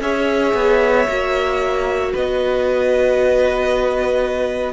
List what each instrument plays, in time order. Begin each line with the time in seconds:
0.00 cello C#4, viola G#4, violin C#5 E5
0.54 cello B3
1.07 cello A#3, viola F#4
2.12 cello B3, violin B4 D#5